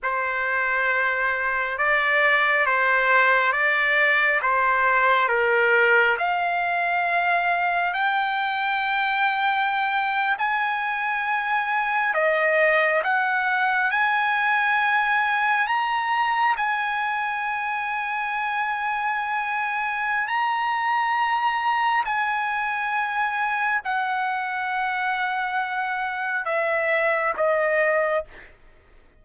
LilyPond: \new Staff \with { instrumentName = "trumpet" } { \time 4/4 \tempo 4 = 68 c''2 d''4 c''4 | d''4 c''4 ais'4 f''4~ | f''4 g''2~ g''8. gis''16~ | gis''4.~ gis''16 dis''4 fis''4 gis''16~ |
gis''4.~ gis''16 ais''4 gis''4~ gis''16~ | gis''2. ais''4~ | ais''4 gis''2 fis''4~ | fis''2 e''4 dis''4 | }